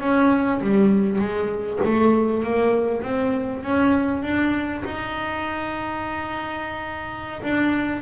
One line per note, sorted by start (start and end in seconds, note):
0.00 0.61 C#4
0.61 1.19 G3
1.19 1.79 G#3
1.84 2.43 A3
2.43 3.02 A#3
3.02 3.63 C4
3.63 4.22 C#4
4.22 4.83 D4
4.84 7.42 D#4
7.42 8.01 D4